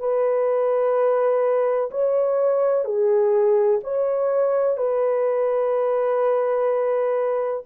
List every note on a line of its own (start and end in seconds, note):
0.00 1.90 B4
1.91 2.85 C#5
2.85 3.80 G#4
3.84 4.77 C#5
4.77 7.63 B4